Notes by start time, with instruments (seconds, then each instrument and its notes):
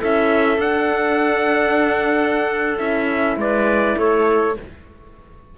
0.00 cello C#4, horn E4, clarinet A4, trumpet E5
0.58 cello D4, horn D4, trumpet F#5
2.78 cello C#4, horn E4, trumpet E5
3.37 cello G#3, clarinet B4, trumpet D5
3.98 cello A3, clarinet A4, trumpet C#5